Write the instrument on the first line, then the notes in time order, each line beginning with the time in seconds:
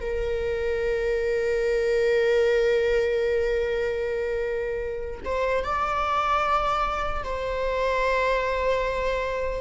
viola
0.00 A#4
5.24 C5
5.64 D5
7.24 C5